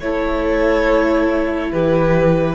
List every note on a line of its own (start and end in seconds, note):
0.00 1.72 A3
0.00 2.55 E4
0.00 1.73 A4
0.00 1.71 C#5
1.72 2.55 E3
1.72 2.55 G4
1.72 2.55 B4